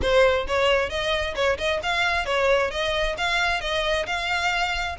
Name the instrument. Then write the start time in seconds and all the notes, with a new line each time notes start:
violin
0.01 C5
0.47 C#5
0.89 D#5
1.35 C#5
1.57 D#5
1.82 F5
2.25 C#5
2.70 D#5
3.17 F5
3.60 D#5
4.06 F5